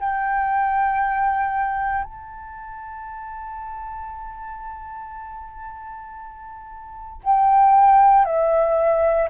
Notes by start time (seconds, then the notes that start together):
0.00 G5
2.04 A5
7.24 G5
8.26 E5